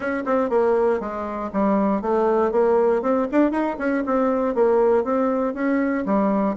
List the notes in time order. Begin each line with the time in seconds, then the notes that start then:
0.00 C#4
0.25 C4
0.49 A#3
0.99 G#3
1.52 G3
2.01 A3
2.51 A#3
3.02 C4
3.31 D4
3.51 D#4
3.78 C#4
4.06 C4
4.54 A#3
5.04 C4
5.54 C#4
6.05 G3